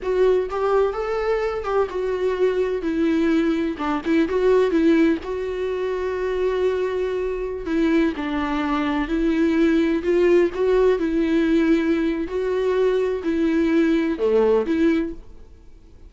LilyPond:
\new Staff \with { instrumentName = "viola" } { \time 4/4 \tempo 4 = 127 fis'4 g'4 a'4. g'8 | fis'2 e'2 | d'8 e'8 fis'4 e'4 fis'4~ | fis'1~ |
fis'16 e'4 d'2 e'8.~ | e'4~ e'16 f'4 fis'4 e'8.~ | e'2 fis'2 | e'2 a4 e'4 | }